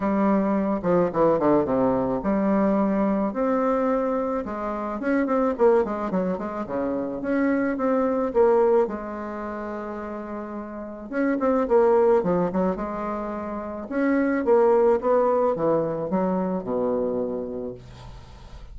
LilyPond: \new Staff \with { instrumentName = "bassoon" } { \time 4/4 \tempo 4 = 108 g4. f8 e8 d8 c4 | g2 c'2 | gis4 cis'8 c'8 ais8 gis8 fis8 gis8 | cis4 cis'4 c'4 ais4 |
gis1 | cis'8 c'8 ais4 f8 fis8 gis4~ | gis4 cis'4 ais4 b4 | e4 fis4 b,2 | }